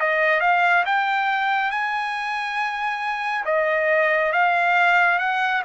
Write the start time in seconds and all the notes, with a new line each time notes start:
0.00 D#5
0.41 F5
0.86 G5
1.71 G#5
3.45 D#5
4.32 F5
5.19 F#5